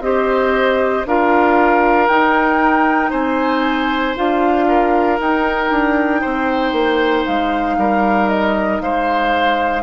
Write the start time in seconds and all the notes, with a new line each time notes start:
0.00 C4 G4 C5 D#5
1.05 D4 F4 A#4 F5
2.07 D#4 G5
3.10 C4 C5 G#5
4.15 D4 F4 F5
4.68 A#4
5.19 D#4 G5
5.70 D4
6.21 C4 C5
6.72 A#3
7.26 G#3 F5
7.77 G3 A#4
8.29 D#5
8.81 G#3 C5 F5